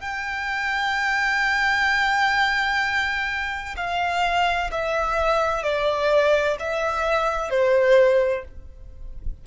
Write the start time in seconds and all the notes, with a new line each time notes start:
0.00 G5
3.76 F5
4.71 E5
5.63 D5
6.59 E5
7.50 C5